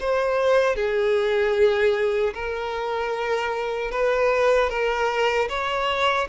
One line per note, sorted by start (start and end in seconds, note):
0.00 0.76 C5
0.76 2.34 G#4
2.34 3.92 A#4
3.92 4.70 B4
4.70 5.49 A#4
5.49 6.28 C#5